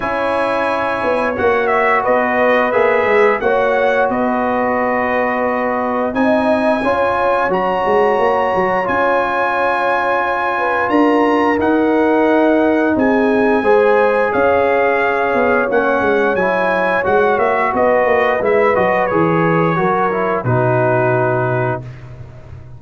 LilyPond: <<
  \new Staff \with { instrumentName = "trumpet" } { \time 4/4 \tempo 4 = 88 gis''2 fis''8 e''8 dis''4 | e''4 fis''4 dis''2~ | dis''4 gis''2 ais''4~ | ais''4 gis''2. |
ais''4 fis''2 gis''4~ | gis''4 f''2 fis''4 | gis''4 fis''8 e''8 dis''4 e''8 dis''8 | cis''2 b'2 | }
  \new Staff \with { instrumentName = "horn" } { \time 4/4 cis''2. b'4~ | b'4 cis''4 b'2~ | b'4 dis''4 cis''2~ | cis''2.~ cis''8 b'8 |
ais'2. gis'4 | c''4 cis''2.~ | cis''2 b'2~ | b'4 ais'4 fis'2 | }
  \new Staff \with { instrumentName = "trombone" } { \time 4/4 e'2 fis'2 | gis'4 fis'2.~ | fis'4 dis'4 f'4 fis'4~ | fis'4 f'2.~ |
f'4 dis'2. | gis'2. cis'4 | e'4 fis'2 e'8 fis'8 | gis'4 fis'8 e'8 dis'2 | }
  \new Staff \with { instrumentName = "tuba" } { \time 4/4 cis'4. b8 ais4 b4 | ais8 gis8 ais4 b2~ | b4 c'4 cis'4 fis8 gis8 | ais8 fis8 cis'2. |
d'4 dis'2 c'4 | gis4 cis'4. b8 ais8 gis8 | fis4 gis8 ais8 b8 ais8 gis8 fis8 | e4 fis4 b,2 | }
>>